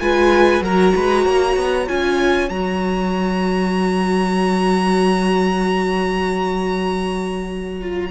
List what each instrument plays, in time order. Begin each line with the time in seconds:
0.00 cello G#3, viola F4, violin B4 G#5
0.62 cello F#3, viola F#4, violin A#4 A#5
0.96 cello G#3, violin B4
1.25 cello A#3, violin C#5
1.56 cello B3
1.88 cello C#4, viola F4, violin G#5
2.50 cello F#3, viola F#4, violin A#5
7.81 viola F4